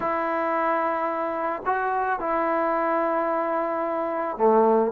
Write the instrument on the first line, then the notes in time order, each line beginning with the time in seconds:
trombone
0.00 E4
1.65 F#4
2.19 E4
4.37 A3